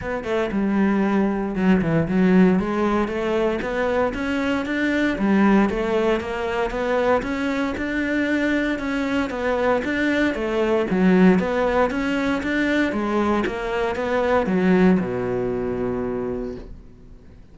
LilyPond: \new Staff \with { instrumentName = "cello" } { \time 4/4 \tempo 4 = 116 b8 a8 g2 fis8 e8 | fis4 gis4 a4 b4 | cis'4 d'4 g4 a4 | ais4 b4 cis'4 d'4~ |
d'4 cis'4 b4 d'4 | a4 fis4 b4 cis'4 | d'4 gis4 ais4 b4 | fis4 b,2. | }